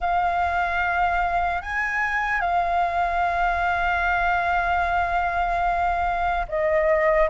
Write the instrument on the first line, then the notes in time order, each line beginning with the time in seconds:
flute
0.00 F5
1.62 G#5
2.40 F5
6.48 D#5